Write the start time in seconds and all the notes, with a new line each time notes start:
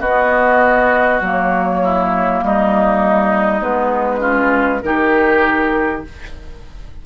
0.00 B3 F#4 D#5
1.21 F#3 A#3 C#5
1.84 E4
2.42 G3 D#4 D#5
3.60 G#3 B3 B4
4.19 C#4 F4
4.82 D#3 D#4 G4 A#4